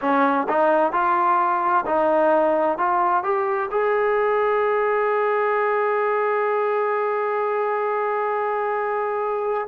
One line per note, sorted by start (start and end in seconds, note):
0.01 0.47 C#4
0.49 0.92 D#4
0.92 1.85 F4
1.85 2.77 D#4
2.77 3.23 F4
3.23 3.69 G4
3.70 9.68 G#4